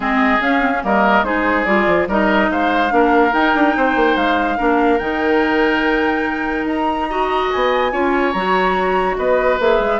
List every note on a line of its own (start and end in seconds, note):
0.00 0.38 G#3
0.00 0.40 C4
0.00 0.82 G#4
0.00 0.41 D#5
0.40 0.61 C#4
0.40 0.82 C#4
0.40 0.83 F5
0.61 0.71 C4
0.73 0.83 C#4
0.83 1.23 G3
0.83 1.24 A#3
0.83 1.25 A#4
0.83 1.24 D#5
1.23 1.64 G#3
1.23 1.66 D#4
1.23 2.08 G#4
1.23 1.64 C5
1.64 1.86 G3
1.64 2.07 F4
1.64 2.06 D5
1.86 2.07 F3
2.07 2.49 G3
2.07 2.89 D#4
2.07 2.49 A#4
2.07 2.51 D#5
2.49 2.91 G#3
2.49 2.93 C5
2.49 3.33 F5
2.89 3.32 A#3
2.89 3.30 D4
2.89 3.76 A#4
3.32 3.53 D#4
3.32 4.57 D#4
3.32 4.16 G5
3.54 3.75 D4
3.76 3.95 C4
3.76 4.57 C5
3.95 4.16 A#3
4.16 4.57 G#3
4.16 4.98 F5
4.57 5.00 A#3
4.57 4.99 D4
4.57 7.07 A#4
4.98 6.64 D#3
4.98 7.07 D#4
4.98 6.65 G5
6.64 7.48 D#4
6.64 7.50 A#5
7.09 7.91 F#4
7.09 7.91 D#5
7.51 7.92 B3
7.51 8.32 G#5
7.91 8.34 C#4
7.91 8.33 F4
7.91 9.16 C#5
8.32 9.17 F#3
8.32 9.59 F#4
8.32 9.15 A#5
9.17 9.59 B3
9.17 9.99 B4
9.17 9.59 D#5
9.59 9.79 A#3
9.59 9.99 G#4
9.59 9.99 E5
9.79 9.99 G#3